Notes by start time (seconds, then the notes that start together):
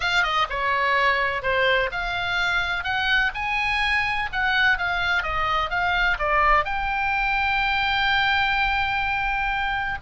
0.00 F5
0.23 D#5
0.49 C#5
1.42 C5
1.91 F5
2.84 F#5
3.34 G#5
4.32 F#5
4.77 F5
5.23 D#5
5.70 F5
6.18 D5
6.65 G5